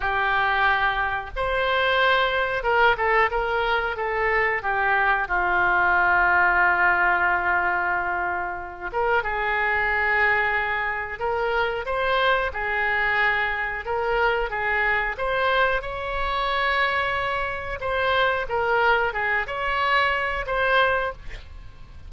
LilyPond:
\new Staff \with { instrumentName = "oboe" } { \time 4/4 \tempo 4 = 91 g'2 c''2 | ais'8 a'8 ais'4 a'4 g'4 | f'1~ | f'4. ais'8 gis'2~ |
gis'4 ais'4 c''4 gis'4~ | gis'4 ais'4 gis'4 c''4 | cis''2. c''4 | ais'4 gis'8 cis''4. c''4 | }